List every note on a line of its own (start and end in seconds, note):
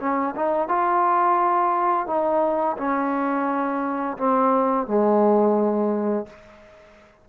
0.00 0.35 C#4
0.36 0.68 D#4
0.68 2.07 F4
2.07 2.77 D#4
2.78 4.17 C#4
4.18 4.87 C4
4.87 6.27 G#3